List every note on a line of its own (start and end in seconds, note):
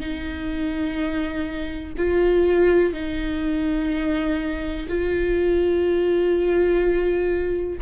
0.00 1.94 D#4
1.98 2.93 F4
2.93 4.87 D#4
4.88 7.79 F4